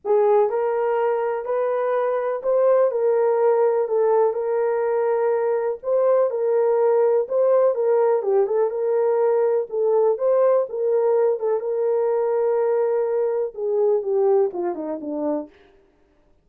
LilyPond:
\new Staff \with { instrumentName = "horn" } { \time 4/4 \tempo 4 = 124 gis'4 ais'2 b'4~ | b'4 c''4 ais'2 | a'4 ais'2. | c''4 ais'2 c''4 |
ais'4 g'8 a'8 ais'2 | a'4 c''4 ais'4. a'8 | ais'1 | gis'4 g'4 f'8 dis'8 d'4 | }